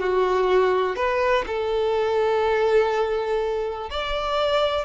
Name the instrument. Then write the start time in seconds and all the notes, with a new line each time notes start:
violin
0.00 F#4
0.96 B4
1.47 A4
3.91 D5